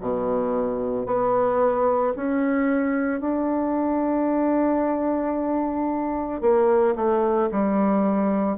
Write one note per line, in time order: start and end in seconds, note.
0.00 1.06 B2
1.06 2.13 B3
2.15 3.20 C#4
3.20 6.41 D4
6.41 6.94 A#3
6.95 7.49 A3
7.51 8.57 G3